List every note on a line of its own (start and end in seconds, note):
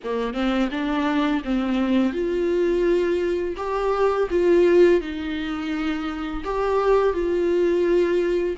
0.04 0.33 A#3
0.33 0.69 C4
0.71 1.42 D4
1.44 2.12 C4
2.12 3.55 F4
3.56 4.28 G4
4.30 5.00 F4
5.00 6.43 D#4
6.44 7.13 G4
7.13 8.56 F4